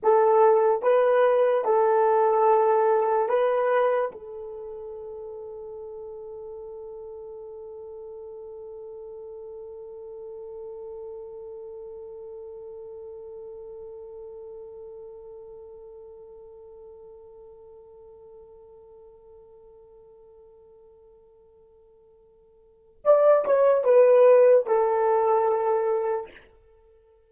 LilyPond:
\new Staff \with { instrumentName = "horn" } { \time 4/4 \tempo 4 = 73 a'4 b'4 a'2 | b'4 a'2.~ | a'1~ | a'1~ |
a'1~ | a'1~ | a'1 | d''8 cis''8 b'4 a'2 | }